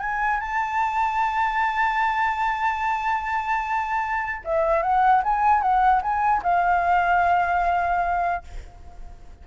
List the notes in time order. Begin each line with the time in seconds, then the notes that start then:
0.00 G#5
0.40 A5
4.45 E5
4.83 F#5
5.24 G#5
5.62 F#5
6.02 G#5
6.43 F5